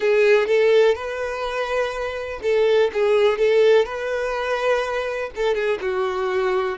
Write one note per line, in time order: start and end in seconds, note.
0.00 0.46 G#4
0.46 0.95 A4
0.95 2.40 B4
2.42 2.90 A4
2.93 3.37 G#4
3.37 3.85 A4
3.85 5.30 B4
5.35 5.54 A4
5.54 5.78 G#4
5.81 6.77 F#4